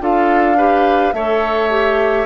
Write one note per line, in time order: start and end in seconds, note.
0.00 1.13 D4
0.00 0.57 F4
0.00 0.57 A4
0.00 1.13 F5
0.57 1.14 G4
0.57 1.14 B4
1.13 2.26 A3
1.13 1.70 A4
1.13 2.26 C#5
1.13 2.26 E5
1.70 2.26 G4